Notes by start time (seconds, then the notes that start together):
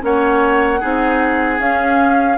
0.00 A#3 C#4 C#5 F#5
0.80 C4 D#4 G#4
1.59 C#4 F5